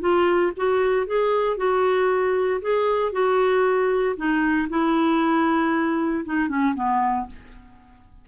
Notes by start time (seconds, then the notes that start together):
0.00 F4
0.56 F#4
1.06 G#4
1.57 F#4
2.61 G#4
3.12 F#4
4.16 D#4
4.69 E4
6.25 D#4
6.48 C#4
6.75 B3